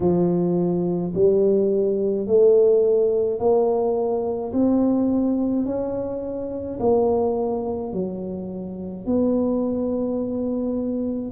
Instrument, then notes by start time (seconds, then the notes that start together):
tuba
0.00 F3
1.14 G3
2.26 A3
3.39 A#3
4.53 C4
5.65 C#4
6.79 A#3
7.92 F#3
9.06 B3